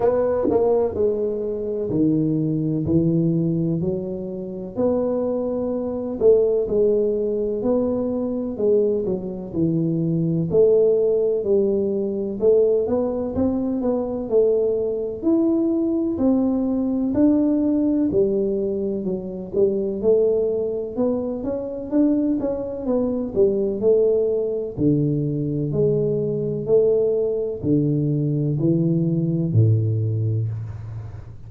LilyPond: \new Staff \with { instrumentName = "tuba" } { \time 4/4 \tempo 4 = 63 b8 ais8 gis4 dis4 e4 | fis4 b4. a8 gis4 | b4 gis8 fis8 e4 a4 | g4 a8 b8 c'8 b8 a4 |
e'4 c'4 d'4 g4 | fis8 g8 a4 b8 cis'8 d'8 cis'8 | b8 g8 a4 d4 gis4 | a4 d4 e4 a,4 | }